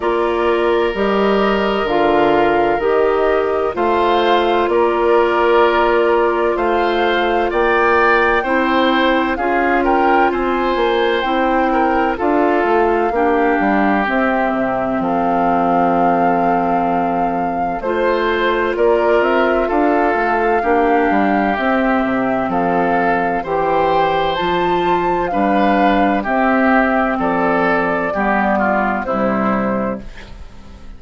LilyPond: <<
  \new Staff \with { instrumentName = "flute" } { \time 4/4 \tempo 4 = 64 d''4 dis''4 f''4 dis''4 | f''4 d''2 f''4 | g''2 f''8 g''8 gis''4 | g''4 f''2 e''4 |
f''2. c''4 | d''8 e''8 f''2 e''4 | f''4 g''4 a''4 f''4 | e''4 d''2 c''4 | }
  \new Staff \with { instrumentName = "oboe" } { \time 4/4 ais'1 | c''4 ais'2 c''4 | d''4 c''4 gis'8 ais'8 c''4~ | c''8 ais'8 a'4 g'2 |
a'2. c''4 | ais'4 a'4 g'2 | a'4 c''2 b'4 | g'4 a'4 g'8 f'8 e'4 | }
  \new Staff \with { instrumentName = "clarinet" } { \time 4/4 f'4 g'4 f'4 g'4 | f'1~ | f'4 e'4 f'2 | e'4 f'4 d'4 c'4~ |
c'2. f'4~ | f'2 d'4 c'4~ | c'4 g'4 f'4 d'4 | c'2 b4 g4 | }
  \new Staff \with { instrumentName = "bassoon" } { \time 4/4 ais4 g4 d4 dis4 | a4 ais2 a4 | ais4 c'4 cis'4 c'8 ais8 | c'4 d'8 a8 ais8 g8 c'8 c8 |
f2. a4 | ais8 c'8 d'8 a8 ais8 g8 c'8 c8 | f4 e4 f4 g4 | c'4 f4 g4 c4 | }
>>